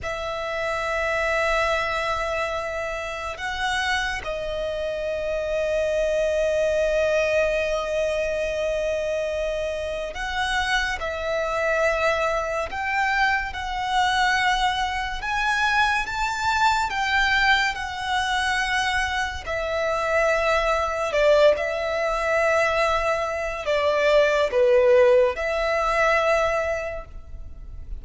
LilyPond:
\new Staff \with { instrumentName = "violin" } { \time 4/4 \tempo 4 = 71 e''1 | fis''4 dis''2.~ | dis''1 | fis''4 e''2 g''4 |
fis''2 gis''4 a''4 | g''4 fis''2 e''4~ | e''4 d''8 e''2~ e''8 | d''4 b'4 e''2 | }